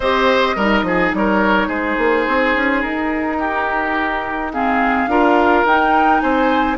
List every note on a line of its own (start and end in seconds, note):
0.00 0.56 C4
0.00 0.57 G4
0.00 0.56 C5
0.00 1.13 D#5
0.56 0.83 G3
0.56 4.53 D#4
0.56 0.84 A#4
0.83 1.11 F3
0.83 1.15 G#4
1.13 1.67 G3
1.13 1.67 A#4
1.13 1.69 C#5
1.67 1.96 G#3
1.67 3.37 G#4
1.67 2.82 C5
1.97 2.26 A#3
2.27 2.55 C4
2.55 2.83 C#4
2.82 5.07 D#4
2.82 4.51 A#4
3.39 4.52 G4
4.52 5.09 C4
4.52 5.09 G#4
4.52 5.65 F5
5.07 5.63 D4
5.07 5.66 F4
5.07 6.22 A#4
5.65 6.21 D#4
5.65 6.77 D#4
5.65 6.20 G5
6.20 6.77 C4
6.20 6.77 C5
6.20 6.76 G#5